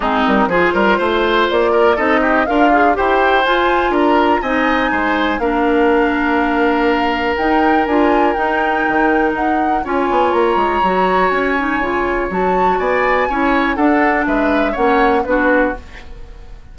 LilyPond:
<<
  \new Staff \with { instrumentName = "flute" } { \time 4/4 \tempo 4 = 122 gis'8 ais'8 c''2 d''4 | dis''4 f''4 g''4 gis''4 | ais''4 gis''2 f''4~ | f''2. g''4 |
gis''4 g''2 fis''4 | gis''4 ais''2 gis''4~ | gis''4 a''4 gis''2 | fis''4 e''4 fis''4 b'4 | }
  \new Staff \with { instrumentName = "oboe" } { \time 4/4 dis'4 gis'8 ais'8 c''4. ais'8 | a'8 g'8 f'4 c''2 | ais'4 dis''4 c''4 ais'4~ | ais'1~ |
ais'1 | cis''1~ | cis''2 d''4 cis''4 | a'4 b'4 cis''4 fis'4 | }
  \new Staff \with { instrumentName = "clarinet" } { \time 4/4 c'4 f'2. | dis'4 ais'8 gis'8 g'4 f'4~ | f'4 dis'2 d'4~ | d'2. dis'4 |
f'4 dis'2. | f'2 fis'4. dis'8 | f'4 fis'2 e'4 | d'2 cis'4 d'4 | }
  \new Staff \with { instrumentName = "bassoon" } { \time 4/4 gis8 g8 f8 g8 a4 ais4 | c'4 d'4 e'4 f'4 | d'4 c'4 gis4 ais4~ | ais2. dis'4 |
d'4 dis'4 dis4 dis'4 | cis'8 b8 ais8 gis8 fis4 cis'4 | cis4 fis4 b4 cis'4 | d'4 gis4 ais4 b4 | }
>>